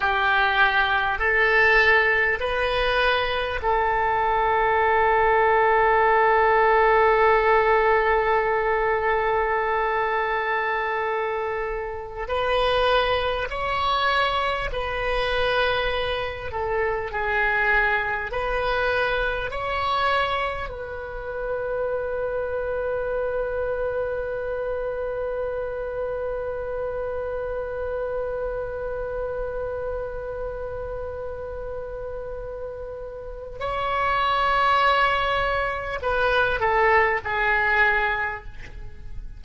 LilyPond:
\new Staff \with { instrumentName = "oboe" } { \time 4/4 \tempo 4 = 50 g'4 a'4 b'4 a'4~ | a'1~ | a'2~ a'16 b'4 cis''8.~ | cis''16 b'4. a'8 gis'4 b'8.~ |
b'16 cis''4 b'2~ b'8.~ | b'1~ | b'1 | cis''2 b'8 a'8 gis'4 | }